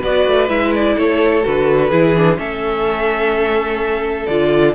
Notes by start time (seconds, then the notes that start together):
0.00 B3 F#4 B4 D5
0.26 A3
0.48 G#3 E4 E5
0.74 D5
0.96 A3 A4 C#5
1.42 D3 F#4 B4
1.90 E3 E4 G#4
2.16 D4
2.36 A3 C#4 A4 E5
4.26 D3 F4 D5